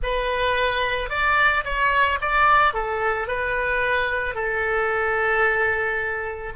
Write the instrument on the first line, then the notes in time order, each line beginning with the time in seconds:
oboe
0.02 B4
1.09 D5
1.64 C#5
2.21 D5
2.73 A4
3.27 B4
4.34 A4